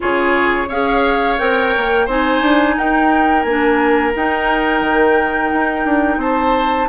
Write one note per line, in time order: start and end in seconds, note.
0.00 0.69 C#3
0.00 0.67 F4
0.00 0.68 G#4
0.00 0.69 C#5
0.68 1.38 C#4
0.68 1.38 G#4
0.68 2.05 C#5
0.68 1.38 F5
1.38 1.74 C4
1.38 2.07 A#4
1.38 2.07 G5
1.76 2.07 A#3
2.05 2.41 C4
2.05 3.47 D#4
2.05 2.74 C5
2.05 2.77 G#5
2.41 2.75 D4
2.77 3.44 D#4
2.77 6.19 A#4
2.77 3.42 G5
3.42 4.13 A#3
3.42 4.11 G#5
3.48 4.14 D4
4.14 6.89 D#4
4.14 4.81 D#4
4.14 6.20 G5
4.81 5.50 D#3
5.52 5.85 D#4
5.85 6.17 D4
6.17 6.86 C4
6.17 6.88 C5
6.17 6.89 A5